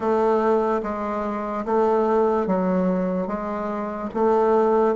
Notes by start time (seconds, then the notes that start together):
0.00 A3
0.82 G#3
1.65 A3
2.46 F#3
3.27 G#3
4.14 A3